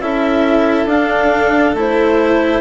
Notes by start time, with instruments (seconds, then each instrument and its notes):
0.00 bassoon C#4, cello E4, violin A4, clarinet E5
0.86 bassoon D4, cello D4, clarinet F5
1.74 bassoon A3, cello E4, clarinet C5